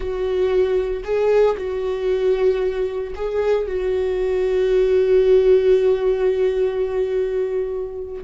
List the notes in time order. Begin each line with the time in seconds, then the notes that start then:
0.00 F#4
1.03 G#4
1.57 F#4
3.15 G#4
3.67 F#4